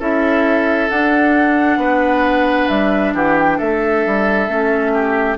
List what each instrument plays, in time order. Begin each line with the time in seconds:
0.00 bassoon C#4, clarinet E4, oboe A4, flute E5
0.90 bassoon D4, clarinet D4, flute F#5
1.78 bassoon B3, oboe B4
2.69 bassoon G3, flute E5
3.14 bassoon E3, oboe G4, flute F#5
3.38 flute G5
3.58 bassoon A3, oboe A4, flute E5
4.07 bassoon G3
4.49 bassoon A3, clarinet C#4
4.94 oboe G4